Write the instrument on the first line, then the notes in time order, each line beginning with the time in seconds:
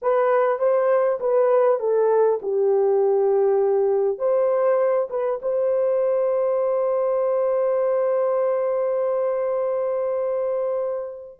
horn
0.02 B4
0.58 C5
1.19 B4
1.79 A4
2.42 G4
4.18 C5
5.09 B4
5.41 C5